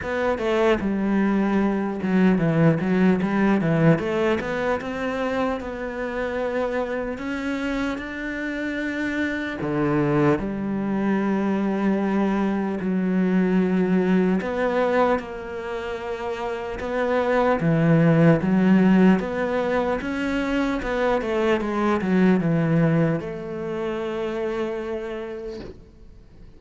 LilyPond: \new Staff \with { instrumentName = "cello" } { \time 4/4 \tempo 4 = 75 b8 a8 g4. fis8 e8 fis8 | g8 e8 a8 b8 c'4 b4~ | b4 cis'4 d'2 | d4 g2. |
fis2 b4 ais4~ | ais4 b4 e4 fis4 | b4 cis'4 b8 a8 gis8 fis8 | e4 a2. | }